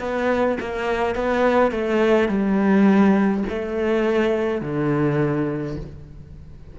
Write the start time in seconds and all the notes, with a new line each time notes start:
0.00 B3
0.60 A#3
1.15 B3
1.72 A3
2.29 G3
3.49 A3
4.62 D3